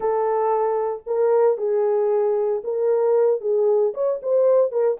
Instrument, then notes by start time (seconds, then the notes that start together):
horn
0.00 A4
1.06 A#4
1.57 G#4
2.64 A#4
3.40 G#4
3.94 C#5
4.22 C5
4.71 A#4